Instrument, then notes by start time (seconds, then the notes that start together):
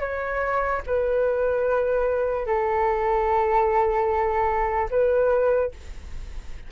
flute
0.00 C#5
0.87 B4
2.46 A4
4.90 B4